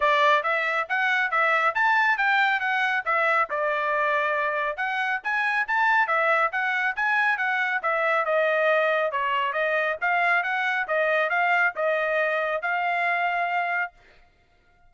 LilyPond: \new Staff \with { instrumentName = "trumpet" } { \time 4/4 \tempo 4 = 138 d''4 e''4 fis''4 e''4 | a''4 g''4 fis''4 e''4 | d''2. fis''4 | gis''4 a''4 e''4 fis''4 |
gis''4 fis''4 e''4 dis''4~ | dis''4 cis''4 dis''4 f''4 | fis''4 dis''4 f''4 dis''4~ | dis''4 f''2. | }